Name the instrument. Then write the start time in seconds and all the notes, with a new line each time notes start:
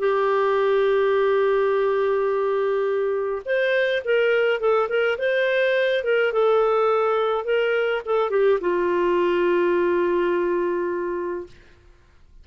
clarinet
0.00 G4
3.46 C5
4.05 A#4
4.61 A4
4.90 A#4
5.19 C5
6.04 A#4
6.33 A4
7.45 A#4
8.06 A4
8.31 G4
8.61 F4